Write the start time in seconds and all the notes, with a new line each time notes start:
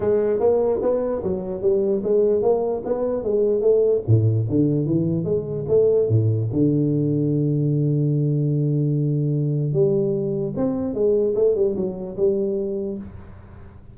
0.00 G#3
0.39 A#3
0.82 B3
1.23 F#3
1.61 G3
2.03 G#3
2.42 A#3
2.85 B3
3.23 G#3
3.61 A3
4.07 A2
4.49 D3
4.85 E3
5.24 G#3
5.68 A3
6.08 A2
6.52 D3
9.73 G3
10.56 C4
10.93 G#3
11.35 A3
11.55 G3
11.76 F#3
12.16 G3